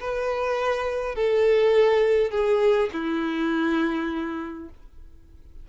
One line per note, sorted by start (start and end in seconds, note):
0.00 1.15 B4
1.15 2.30 A4
2.30 2.89 G#4
2.93 4.69 E4